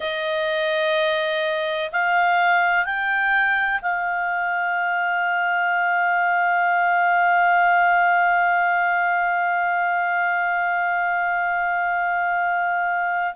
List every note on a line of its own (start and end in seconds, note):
0.00 1.90 D#5
1.92 2.85 F5
2.85 3.80 G5
3.81 13.34 F5